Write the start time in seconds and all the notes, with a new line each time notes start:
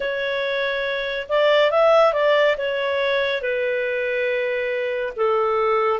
0.00 C#5
1.29 D5
1.70 E5
2.13 D5
2.57 C#5
3.41 B4
5.16 A4